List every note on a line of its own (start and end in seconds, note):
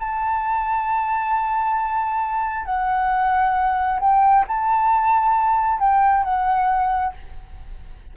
0.00 2.65 A5
2.65 4.00 F#5
4.01 4.45 G5
4.48 5.80 A5
5.80 6.24 G5
6.24 7.14 F#5